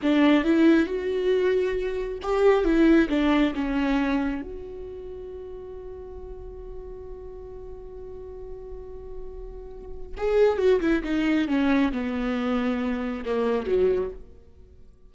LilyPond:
\new Staff \with { instrumentName = "viola" } { \time 4/4 \tempo 4 = 136 d'4 e'4 fis'2~ | fis'4 g'4 e'4 d'4 | cis'2 fis'2~ | fis'1~ |
fis'1~ | fis'2. gis'4 | fis'8 e'8 dis'4 cis'4 b4~ | b2 ais4 fis4 | }